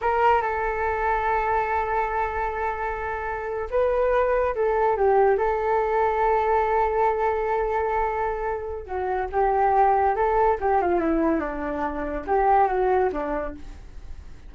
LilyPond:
\new Staff \with { instrumentName = "flute" } { \time 4/4 \tempo 4 = 142 ais'4 a'2.~ | a'1~ | a'8. b'2 a'4 g'16~ | g'8. a'2.~ a'16~ |
a'1~ | a'4 fis'4 g'2 | a'4 g'8 f'8 e'4 d'4~ | d'4 g'4 fis'4 d'4 | }